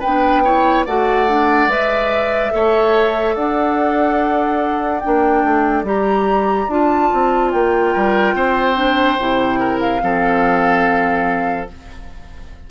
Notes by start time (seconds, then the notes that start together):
0.00 B3 B4 G5
0.06 D4
0.44 E4 C#5
0.86 A3 F#4 D5 F#5
1.28 D4
1.68 G#3 B4 E5
2.51 A3 A4 C#5
3.35 D4 D5 F#5
5.00 A#3 D4 G5
5.44 A3
5.83 G3 G4 A#5
6.69 D4 F4 A5
7.14 C4
7.52 A#3 G5
7.93 G3 A#4
8.35 C4 C5
8.76 D4
9.19 C3 E4
9.60 A#4
9.80 F5
10.01 F3 C4 A4